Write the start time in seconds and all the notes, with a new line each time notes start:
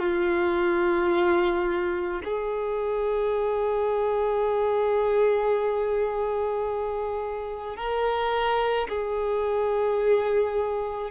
0.00 F4
2.25 G#4
7.77 A#4
8.89 G#4